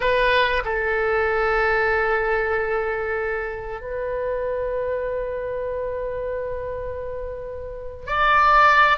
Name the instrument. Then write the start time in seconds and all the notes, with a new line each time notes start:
oboe
0.00 B4
0.65 A4
3.81 B4
8.06 D5